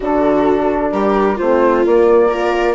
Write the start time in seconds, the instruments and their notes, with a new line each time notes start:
0.00 bassoon D3, horn D4, viola F#4, flute A4
0.91 bassoon G3, viola G4, flute A#4
1.35 bassoon A3, horn C4, viola F4, flute C5
1.85 bassoon A#3, horn A#3, flute D5
2.29 horn F4, viola A#4